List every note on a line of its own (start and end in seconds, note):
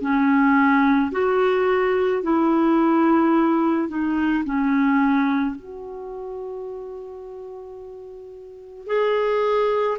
0.00 1.11 C#4
1.11 2.22 F#4
2.22 3.88 E4
3.88 4.43 D#4
4.44 5.56 C#4
5.56 8.86 F#4
8.86 9.97 G#4